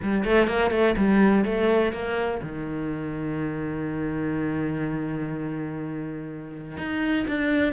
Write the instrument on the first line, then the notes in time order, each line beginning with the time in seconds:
cello
0.02 G3
0.24 A3
0.47 A#3
0.71 A3
0.97 G3
1.44 A3
1.92 A#3
2.42 D#3
6.77 D#4
7.27 D4